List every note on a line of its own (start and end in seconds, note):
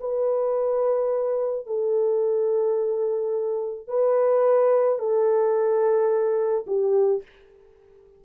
0.00 1.66 B4
1.66 3.87 A4
3.87 4.98 B4
4.98 6.65 A4
6.67 7.22 G4